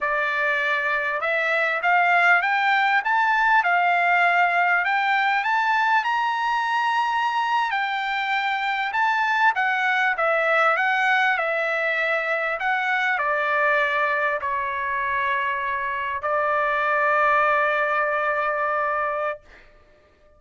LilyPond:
\new Staff \with { instrumentName = "trumpet" } { \time 4/4 \tempo 4 = 99 d''2 e''4 f''4 | g''4 a''4 f''2 | g''4 a''4 ais''2~ | ais''8. g''2 a''4 fis''16~ |
fis''8. e''4 fis''4 e''4~ e''16~ | e''8. fis''4 d''2 cis''16~ | cis''2~ cis''8. d''4~ d''16~ | d''1 | }